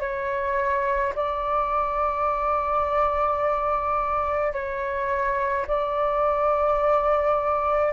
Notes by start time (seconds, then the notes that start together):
0.00 C#5
1.15 D5
4.52 C#5
5.67 D5